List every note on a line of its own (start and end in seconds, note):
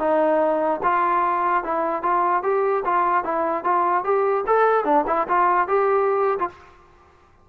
0.00 0.81 D#4
0.83 1.64 F4
1.64 2.03 E4
2.03 2.44 F4
2.44 2.84 G4
2.85 3.25 F4
3.25 3.65 E4
3.65 4.05 F4
4.05 4.45 G4
4.47 4.85 A4
4.85 5.05 D4
5.07 5.28 E4
5.29 5.68 F4
5.68 6.39 G4
6.39 6.49 F4